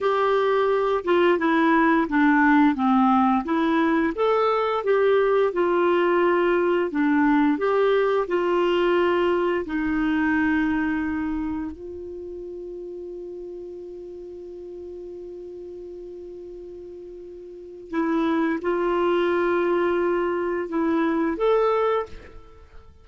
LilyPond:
\new Staff \with { instrumentName = "clarinet" } { \time 4/4 \tempo 4 = 87 g'4. f'8 e'4 d'4 | c'4 e'4 a'4 g'4 | f'2 d'4 g'4 | f'2 dis'2~ |
dis'4 f'2.~ | f'1~ | f'2 e'4 f'4~ | f'2 e'4 a'4 | }